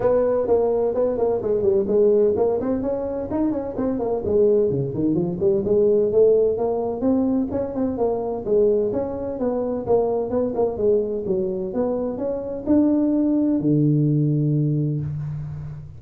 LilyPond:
\new Staff \with { instrumentName = "tuba" } { \time 4/4 \tempo 4 = 128 b4 ais4 b8 ais8 gis8 g8 | gis4 ais8 c'8 cis'4 dis'8 cis'8 | c'8 ais8 gis4 cis8 dis8 f8 g8 | gis4 a4 ais4 c'4 |
cis'8 c'8 ais4 gis4 cis'4 | b4 ais4 b8 ais8 gis4 | fis4 b4 cis'4 d'4~ | d'4 d2. | }